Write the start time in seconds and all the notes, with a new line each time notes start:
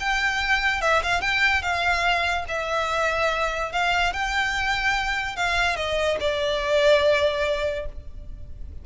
0.00 G5
0.82 E5
1.03 F5
1.21 G5
1.63 F5
2.48 E5
3.73 F5
4.13 G5
5.36 F5
5.76 D#5
6.21 D5